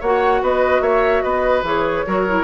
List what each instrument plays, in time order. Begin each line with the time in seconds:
0.00 bassoon A#3, clarinet F#4, oboe C#5, flute F#5
0.42 bassoon B3, oboe B4, flute D#5
0.80 bassoon A#3, oboe C#5, flute E5
1.22 bassoon B3, oboe B4, flute D#5
1.63 bassoon E3, clarinet G#4, flute C#5
2.06 bassoon F#3, clarinet F#4, oboe A#4
2.28 clarinet E4